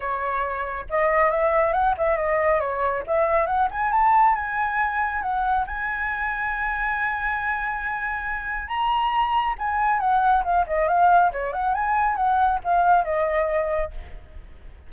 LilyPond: \new Staff \with { instrumentName = "flute" } { \time 4/4 \tempo 4 = 138 cis''2 dis''4 e''4 | fis''8 e''8 dis''4 cis''4 e''4 | fis''8 gis''8 a''4 gis''2 | fis''4 gis''2.~ |
gis''1 | ais''2 gis''4 fis''4 | f''8 dis''8 f''4 cis''8 fis''8 gis''4 | fis''4 f''4 dis''2 | }